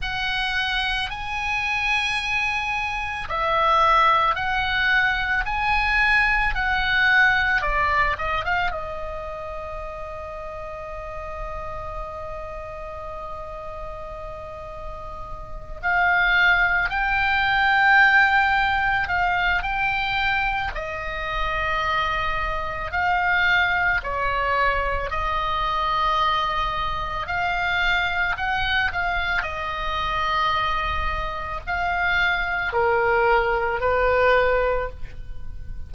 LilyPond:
\new Staff \with { instrumentName = "oboe" } { \time 4/4 \tempo 4 = 55 fis''4 gis''2 e''4 | fis''4 gis''4 fis''4 d''8 dis''16 f''16 | dis''1~ | dis''2~ dis''8 f''4 g''8~ |
g''4. f''8 g''4 dis''4~ | dis''4 f''4 cis''4 dis''4~ | dis''4 f''4 fis''8 f''8 dis''4~ | dis''4 f''4 ais'4 b'4 | }